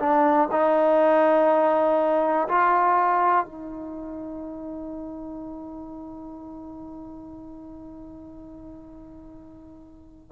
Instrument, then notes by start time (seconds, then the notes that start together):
trombone
0.00 D4
0.52 D#4
2.49 F4
3.46 D#4